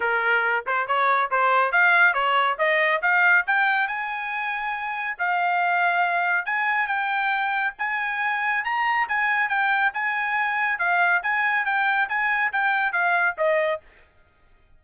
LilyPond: \new Staff \with { instrumentName = "trumpet" } { \time 4/4 \tempo 4 = 139 ais'4. c''8 cis''4 c''4 | f''4 cis''4 dis''4 f''4 | g''4 gis''2. | f''2. gis''4 |
g''2 gis''2 | ais''4 gis''4 g''4 gis''4~ | gis''4 f''4 gis''4 g''4 | gis''4 g''4 f''4 dis''4 | }